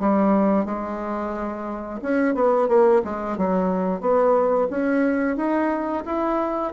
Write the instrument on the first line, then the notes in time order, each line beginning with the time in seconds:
bassoon
0.00 G3
0.65 G#3
2.02 C#4
2.35 B3
2.68 A#3
3.04 G#3
3.37 F#3
4.01 B3
4.70 C#4
5.37 D#4
6.06 E4